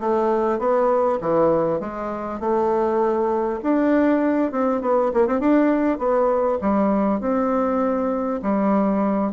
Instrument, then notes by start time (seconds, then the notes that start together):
bassoon
0.00 A3
0.59 B3
1.21 E3
1.80 G#3
2.40 A3
3.63 D4
4.52 C4
4.81 B3
5.14 A#3
5.27 C4
5.40 D4
5.98 B3
6.61 G3
7.20 C4
8.42 G3